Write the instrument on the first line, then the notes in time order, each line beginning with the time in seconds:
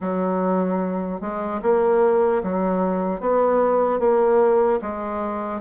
bassoon
0.00 F#3
1.20 G#3
1.62 A#3
2.43 F#3
3.20 B3
3.99 A#3
4.81 G#3